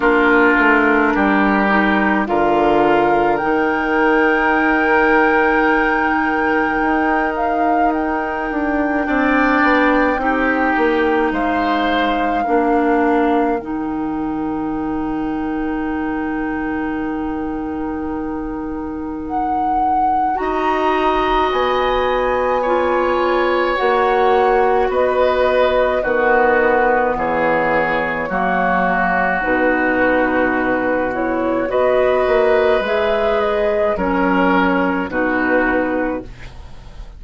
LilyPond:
<<
  \new Staff \with { instrumentName = "flute" } { \time 4/4 \tempo 4 = 53 ais'2 f''4 g''4~ | g''2~ g''8 f''8 g''4~ | g''2 f''2 | g''1~ |
g''4 fis''4 ais''4 gis''4~ | gis''4 fis''4 dis''4 b'4 | cis''2 b'4. cis''8 | dis''4 e''8 dis''8 cis''4 b'4 | }
  \new Staff \with { instrumentName = "oboe" } { \time 4/4 f'4 g'4 ais'2~ | ais'1 | d''4 g'4 c''4 ais'4~ | ais'1~ |
ais'2 dis''2 | cis''2 b'4 fis'4 | gis'4 fis'2. | b'2 ais'4 fis'4 | }
  \new Staff \with { instrumentName = "clarinet" } { \time 4/4 d'4. dis'8 f'4 dis'4~ | dis'1 | d'4 dis'2 d'4 | dis'1~ |
dis'2 fis'2 | f'4 fis'2 b4~ | b4 ais4 dis'4. e'8 | fis'4 gis'4 cis'4 dis'4 | }
  \new Staff \with { instrumentName = "bassoon" } { \time 4/4 ais8 a8 g4 d4 dis4~ | dis2 dis'4. d'8 | c'8 b8 c'8 ais8 gis4 ais4 | dis1~ |
dis2 dis'4 b4~ | b4 ais4 b4 dis4 | e4 fis4 b,2 | b8 ais8 gis4 fis4 b,4 | }
>>